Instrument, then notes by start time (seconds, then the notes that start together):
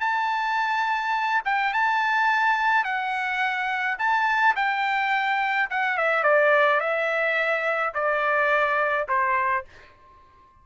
trumpet
0.00 A5
1.45 G5
1.73 A5
2.84 F#5
3.98 A5
4.56 G5
5.70 F#5
5.97 E5
6.23 D5
6.80 E5
7.94 D5
9.08 C5